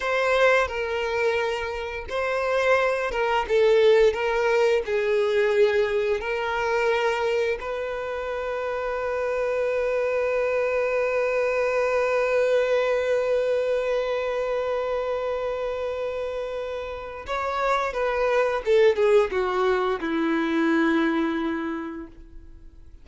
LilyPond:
\new Staff \with { instrumentName = "violin" } { \time 4/4 \tempo 4 = 87 c''4 ais'2 c''4~ | c''8 ais'8 a'4 ais'4 gis'4~ | gis'4 ais'2 b'4~ | b'1~ |
b'1~ | b'1~ | b'4 cis''4 b'4 a'8 gis'8 | fis'4 e'2. | }